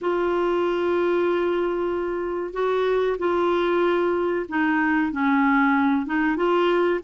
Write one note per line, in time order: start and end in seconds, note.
0.01 2.53 F4
2.53 3.17 F#4
3.18 4.46 F4
4.48 5.12 D#4
5.12 6.06 C#4
6.06 6.36 D#4
6.36 7.00 F4